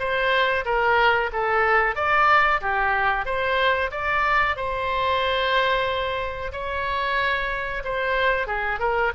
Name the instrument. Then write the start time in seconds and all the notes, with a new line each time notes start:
oboe
0.00 C5
0.66 A#4
1.33 A4
1.96 D5
2.61 G4
3.26 C5
3.92 D5
4.57 C5
6.53 C#5
7.85 C5
8.47 G#4
8.80 A#4